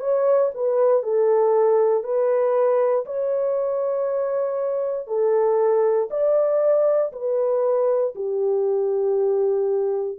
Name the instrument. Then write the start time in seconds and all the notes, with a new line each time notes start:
horn
0.00 C#5
0.54 B4
1.03 A4
2.03 B4
3.06 C#5
5.07 A4
6.10 D5
7.12 B4
8.15 G4